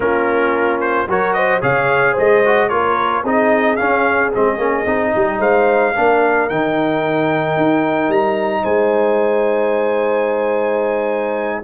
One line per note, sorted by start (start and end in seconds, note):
0.00 1.07 A#3
0.00 1.08 C#4
0.00 1.09 F4
0.00 0.80 A#4
0.80 1.07 C5
1.07 1.61 F#3
1.07 1.61 F#4
1.07 1.36 A#4
1.07 1.33 C#5
1.33 1.61 C5
1.33 1.60 D#5
1.61 2.16 C#3
1.61 2.42 G#4
1.61 2.12 C#5
1.61 2.16 F5
2.12 2.70 G#3
2.12 2.67 C5
2.12 2.69 D#5
2.45 2.70 F#4
2.69 3.23 A#3
2.69 3.24 F4
2.69 3.22 A#4
2.69 3.23 C#5
3.22 3.77 C4
3.22 3.78 D#4
3.22 5.11 G#4
3.22 3.76 D#5
3.76 4.32 C#4
3.76 4.34 C#4
3.76 4.30 F5
4.33 4.57 G#3
4.33 4.58 C4
4.33 5.41 D#5
4.57 4.84 A#3
4.57 4.85 C#4
4.86 5.13 C4
4.86 5.94 D#4
5.14 5.39 G3
5.14 5.39 G4
5.39 5.93 G#3
5.39 5.93 C5
5.39 6.49 F5
5.95 6.50 A#3
5.95 6.49 D4
5.95 8.62 A#4
6.49 7.56 D#3
6.49 11.63 D#4
6.49 8.11 G5
7.56 8.08 D#4
8.08 8.62 G3
8.08 8.64 A#5
8.62 11.62 G#3
8.62 11.59 C5
8.62 11.61 G#5